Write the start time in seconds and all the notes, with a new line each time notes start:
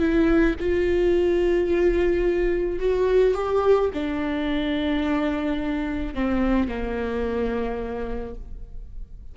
0.00 E4
0.60 F4
2.80 F#4
3.35 G4
3.94 D4
6.15 C4
6.69 A#3